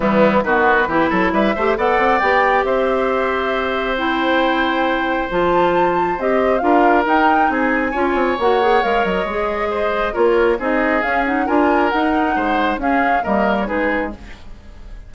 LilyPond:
<<
  \new Staff \with { instrumentName = "flute" } { \time 4/4 \tempo 4 = 136 e'4 b'2 e''4 | fis''4 g''4 e''2~ | e''4 g''2. | a''2 dis''4 f''4 |
g''4 gis''2 fis''4 | f''8 dis''2~ dis''8 cis''4 | dis''4 f''8 fis''8 gis''4 fis''4~ | fis''4 f''4 dis''8. cis''16 b'4 | }
  \new Staff \with { instrumentName = "oboe" } { \time 4/4 b4 fis'4 g'8 a'8 b'8 c''8 | d''2 c''2~ | c''1~ | c''2. ais'4~ |
ais'4 gis'4 cis''2~ | cis''2 c''4 ais'4 | gis'2 ais'2 | c''4 gis'4 ais'4 gis'4 | }
  \new Staff \with { instrumentName = "clarinet" } { \time 4/4 g4 b4 e'4. g'8 | a'4 g'2.~ | g'4 e'2. | f'2 g'4 f'4 |
dis'2 f'4 fis'8 gis'8 | ais'4 gis'2 f'4 | dis'4 cis'8 dis'8 f'4 dis'4~ | dis'4 cis'4 ais4 dis'4 | }
  \new Staff \with { instrumentName = "bassoon" } { \time 4/4 e4 dis4 e8 fis8 g8 a8 | b8 c'8 b4 c'2~ | c'1 | f2 c'4 d'4 |
dis'4 c'4 cis'8 c'8 ais4 | gis8 fis8 gis2 ais4 | c'4 cis'4 d'4 dis'4 | gis4 cis'4 g4 gis4 | }
>>